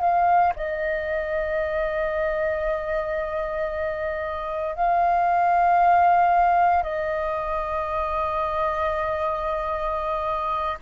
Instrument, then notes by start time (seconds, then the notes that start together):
flute
0.00 F5
0.56 D#5
4.75 F5
6.83 D#5